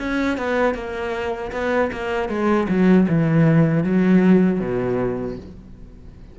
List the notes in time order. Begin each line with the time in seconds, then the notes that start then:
0.00 C#4
0.38 B3
0.75 A#3
1.53 B3
1.92 A#3
2.29 G#3
2.69 F#3
3.09 E3
3.84 F#3
4.60 B2